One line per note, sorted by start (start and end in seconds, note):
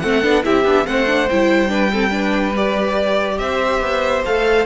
0.00 0.23 A3
0.00 0.22 C4
0.00 0.45 A4
0.00 0.42 F#5
0.22 0.45 B3
0.22 0.43 D4
0.43 0.65 C4
0.43 0.65 E4
0.43 0.87 G4
0.43 0.86 E5
0.65 0.86 B3
0.65 0.86 D4
0.86 1.29 A3
0.86 1.06 C4
0.86 1.70 C5
0.86 1.28 F#5
1.06 1.27 D4
1.29 3.39 G3
1.29 1.68 E4
1.29 2.55 G5
1.68 1.89 D4
1.68 1.91 B4
1.92 2.10 C4
1.92 2.10 A4
2.10 2.52 D4
2.10 3.36 B4
2.56 4.25 G4
2.56 3.38 D5
3.38 3.80 C4
3.38 4.66 C5
3.38 4.23 E5
3.80 4.22 B3
4.25 4.66 A3
4.25 4.66 A4
4.25 4.66 F5